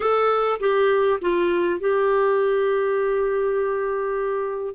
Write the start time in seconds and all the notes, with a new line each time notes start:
0.00 A4
0.60 G4
1.21 F4
1.80 G4